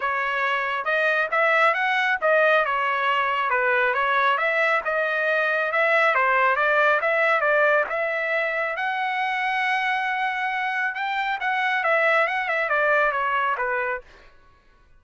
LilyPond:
\new Staff \with { instrumentName = "trumpet" } { \time 4/4 \tempo 4 = 137 cis''2 dis''4 e''4 | fis''4 dis''4 cis''2 | b'4 cis''4 e''4 dis''4~ | dis''4 e''4 c''4 d''4 |
e''4 d''4 e''2 | fis''1~ | fis''4 g''4 fis''4 e''4 | fis''8 e''8 d''4 cis''4 b'4 | }